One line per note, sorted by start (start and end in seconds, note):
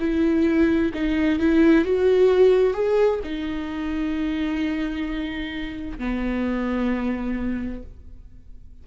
0.00 0.92 E4
0.94 1.39 D#4
1.39 1.85 E4
1.85 2.74 F#4
2.74 3.20 G#4
3.24 5.99 D#4
5.99 7.83 B3